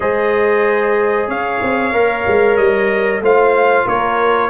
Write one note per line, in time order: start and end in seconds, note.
0.00 1.27 G#3
0.00 1.93 G#4
0.00 1.28 C5
0.00 1.29 D#5
1.27 1.60 C#4
1.27 3.22 C#5
1.27 2.56 F5
1.62 1.92 C4
1.92 2.24 A#3
1.92 3.22 A#4
2.27 2.58 G#3
2.56 3.20 G3
2.56 3.21 D#5
3.20 3.85 A3
3.20 4.50 F4
3.20 3.85 C5
3.20 3.87 F5
3.85 4.50 A#3
3.85 4.50 A#4
3.85 4.50 C#5